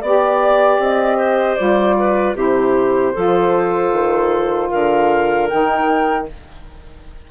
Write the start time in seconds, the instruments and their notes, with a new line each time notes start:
0.00 bassoon B3, saxophone G4, clarinet D5, flute D5
0.79 bassoon C4, flute D#5
1.16 clarinet C5
1.56 bassoon G3, saxophone F4, flute D5
1.98 clarinet B4
2.35 bassoon C3, saxophone E4, clarinet G4, flute C5
3.13 bassoon F3, saxophone F4, clarinet A4
3.92 bassoon D#3
4.70 bassoon D3, clarinet A#4, flute F5
5.49 bassoon D#3, saxophone D#4, flute G5